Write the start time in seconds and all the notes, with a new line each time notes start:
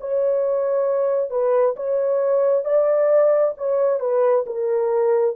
0.00 C#5
1.30 B4
1.76 C#5
2.64 D5
3.57 C#5
4.00 B4
4.46 A#4